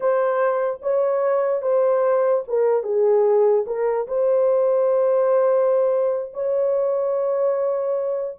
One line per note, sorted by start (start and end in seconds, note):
0.00 0.80 C5
0.82 1.62 C#5
1.62 2.43 C5
2.47 2.83 A#4
2.83 3.65 G#4
3.66 4.07 A#4
4.07 6.32 C5
6.33 8.37 C#5